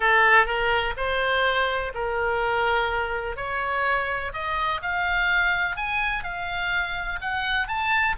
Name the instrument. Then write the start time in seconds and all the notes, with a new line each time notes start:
oboe
0.00 A4
0.45 A#4
0.96 C5
1.94 A#4
3.36 C#5
4.33 D#5
4.82 F5
5.76 G#5
6.23 F5
7.21 F#5
7.67 A5